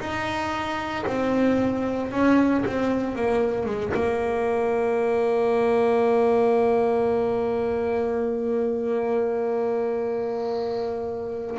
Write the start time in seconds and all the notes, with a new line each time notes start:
0.00 D#4
1.06 C4
2.11 C#4
2.67 C4
3.15 A#3
3.66 G#3
3.94 A#3